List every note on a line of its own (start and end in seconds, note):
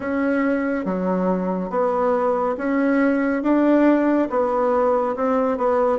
0.00 0.85 C#4
0.85 1.69 F#3
1.69 2.55 B3
2.57 3.42 C#4
3.42 4.28 D4
4.30 5.15 B3
5.16 5.57 C4
5.57 5.98 B3